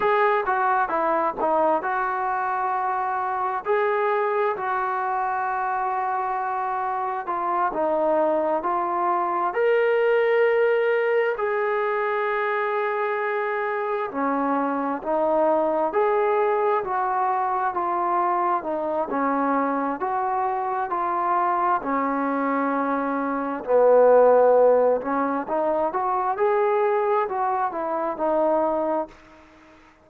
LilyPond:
\new Staff \with { instrumentName = "trombone" } { \time 4/4 \tempo 4 = 66 gis'8 fis'8 e'8 dis'8 fis'2 | gis'4 fis'2. | f'8 dis'4 f'4 ais'4.~ | ais'8 gis'2. cis'8~ |
cis'8 dis'4 gis'4 fis'4 f'8~ | f'8 dis'8 cis'4 fis'4 f'4 | cis'2 b4. cis'8 | dis'8 fis'8 gis'4 fis'8 e'8 dis'4 | }